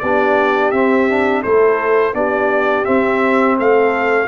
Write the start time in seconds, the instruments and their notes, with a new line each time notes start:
0.00 tuba B3, trombone D4, horn G4, trumpet D5
0.71 tuba C4, trombone C4, trumpet E5
1.10 trombone D4
1.42 tuba A3, trombone E4, horn A4, trumpet C5
2.14 tuba B3, trombone D4, horn G4, trumpet D5
2.85 trombone C4, tuba C4, trumpet E5
3.59 tuba A3, horn A4, trumpet F5